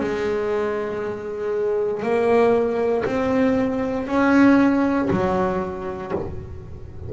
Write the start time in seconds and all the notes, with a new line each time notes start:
0.00 G#3
2.03 A#3
3.06 C4
4.07 C#4
5.10 F#3